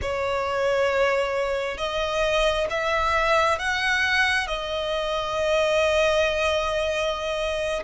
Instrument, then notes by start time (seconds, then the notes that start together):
violin
0.01 C#5
1.77 D#5
2.69 E5
3.58 F#5
4.47 D#5